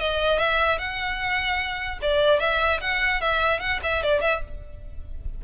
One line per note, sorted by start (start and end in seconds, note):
0.00 0.39 D#5
0.39 0.78 E5
0.78 1.99 F#5
2.02 2.40 D5
2.40 2.80 E5
2.81 3.21 F#5
3.21 3.60 E5
3.60 3.80 F#5
3.83 4.03 E5
4.03 4.21 D5
4.21 4.41 E5